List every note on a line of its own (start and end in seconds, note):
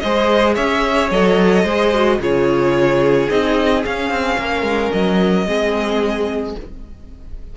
0.00 0.57 G#3
0.00 1.12 G#4
0.00 0.55 C5
0.00 0.55 D#5
0.55 1.11 C#4
0.55 1.64 C#5
0.55 1.10 E5
1.11 1.64 F#3
1.11 1.67 A4
1.11 2.21 D#5
1.64 2.19 G#3
1.64 1.94 G#4
1.64 2.18 C5
1.94 2.20 F#4
2.19 3.28 C#3
2.19 3.29 F4
2.19 4.39 G#4
2.19 3.29 C#5
3.29 3.85 C4
3.29 3.83 D#4
3.29 3.84 D#5
3.83 5.46 C#4
3.83 4.10 C#4
3.83 4.92 F5
4.10 4.37 C4
4.38 4.62 A#3
4.38 5.48 A#4
4.62 4.90 G#3
4.92 5.46 F#3
4.92 6.55 D#5
5.46 6.55 G#3
5.46 6.55 C4
5.46 6.57 G#4